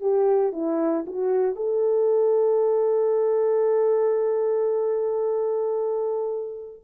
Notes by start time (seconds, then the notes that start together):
0.00 G4
0.52 E4
1.06 F#4
1.55 A4